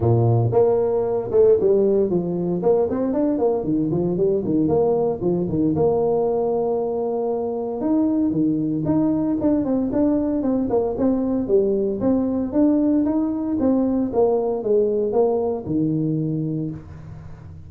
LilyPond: \new Staff \with { instrumentName = "tuba" } { \time 4/4 \tempo 4 = 115 ais,4 ais4. a8 g4 | f4 ais8 c'8 d'8 ais8 dis8 f8 | g8 dis8 ais4 f8 dis8 ais4~ | ais2. dis'4 |
dis4 dis'4 d'8 c'8 d'4 | c'8 ais8 c'4 g4 c'4 | d'4 dis'4 c'4 ais4 | gis4 ais4 dis2 | }